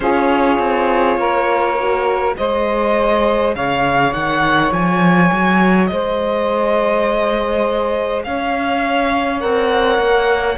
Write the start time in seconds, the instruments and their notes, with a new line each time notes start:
0.00 cello C#4, horn F4, saxophone G#4, violin C#5
0.59 cello C4
1.17 cello A#3, saxophone A#4
1.79 horn F#4
2.36 cello G#3, horn G#4, saxophone C5, violin D#5
3.55 cello C#3, saxophone C#5, violin F5
4.13 cello D#3, violin F#5
4.71 cello F3, violin G#5
5.31 cello F#3
5.87 cello G#3, saxophone C5, violin D#5
8.24 cello C#4, saxophone C#5, violin F5
9.40 cello C4, horn A#4, violin F#5
9.98 cello A#3